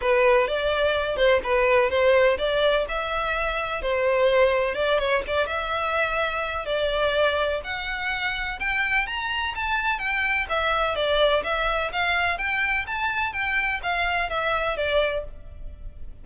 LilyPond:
\new Staff \with { instrumentName = "violin" } { \time 4/4 \tempo 4 = 126 b'4 d''4. c''8 b'4 | c''4 d''4 e''2 | c''2 d''8 cis''8 d''8 e''8~ | e''2 d''2 |
fis''2 g''4 ais''4 | a''4 g''4 e''4 d''4 | e''4 f''4 g''4 a''4 | g''4 f''4 e''4 d''4 | }